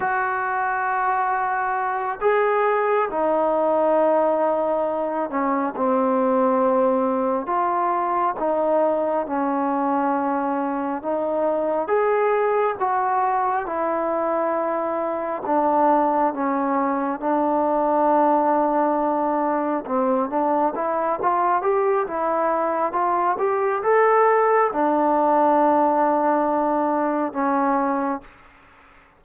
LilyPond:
\new Staff \with { instrumentName = "trombone" } { \time 4/4 \tempo 4 = 68 fis'2~ fis'8 gis'4 dis'8~ | dis'2 cis'8 c'4.~ | c'8 f'4 dis'4 cis'4.~ | cis'8 dis'4 gis'4 fis'4 e'8~ |
e'4. d'4 cis'4 d'8~ | d'2~ d'8 c'8 d'8 e'8 | f'8 g'8 e'4 f'8 g'8 a'4 | d'2. cis'4 | }